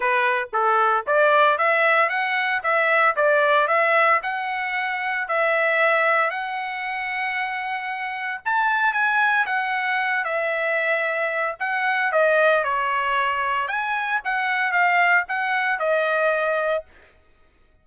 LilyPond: \new Staff \with { instrumentName = "trumpet" } { \time 4/4 \tempo 4 = 114 b'4 a'4 d''4 e''4 | fis''4 e''4 d''4 e''4 | fis''2 e''2 | fis''1 |
a''4 gis''4 fis''4. e''8~ | e''2 fis''4 dis''4 | cis''2 gis''4 fis''4 | f''4 fis''4 dis''2 | }